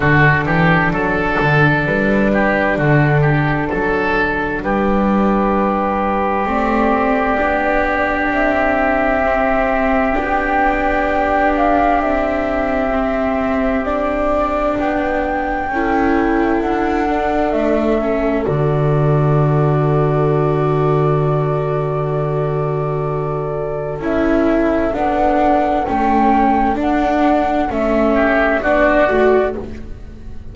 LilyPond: <<
  \new Staff \with { instrumentName = "flute" } { \time 4/4 \tempo 4 = 65 a'2 b'4 a'4~ | a'4 b'2 d''4~ | d''4 e''2 g''4~ | g''8 f''8 e''2 d''4 |
g''2 fis''4 e''4 | d''1~ | d''2 e''4 fis''4 | g''4 fis''4 e''4 d''4 | }
  \new Staff \with { instrumentName = "oboe" } { \time 4/4 fis'8 g'8 a'4. g'8 fis'8 g'8 | a'4 g'2.~ | g'1~ | g'1~ |
g'4 a'2.~ | a'1~ | a'1~ | a'2~ a'8 g'8 fis'4 | }
  \new Staff \with { instrumentName = "viola" } { \time 4/4 d'1~ | d'2. c'4 | d'2 c'4 d'4~ | d'2 c'4 d'4~ |
d'4 e'4. d'4 cis'8 | fis'1~ | fis'2 e'4 d'4 | cis'4 d'4 cis'4 d'8 fis'8 | }
  \new Staff \with { instrumentName = "double bass" } { \time 4/4 d8 e8 fis8 d8 g4 d4 | fis4 g2 a4 | b4 c'2 b4~ | b4 c'2. |
b4 cis'4 d'4 a4 | d1~ | d2 cis'4 b4 | a4 d'4 a4 b8 a8 | }
>>